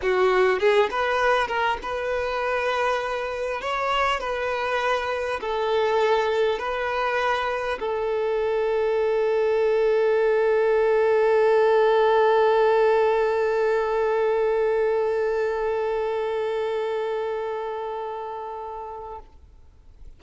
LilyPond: \new Staff \with { instrumentName = "violin" } { \time 4/4 \tempo 4 = 100 fis'4 gis'8 b'4 ais'8 b'4~ | b'2 cis''4 b'4~ | b'4 a'2 b'4~ | b'4 a'2.~ |
a'1~ | a'1~ | a'1~ | a'1 | }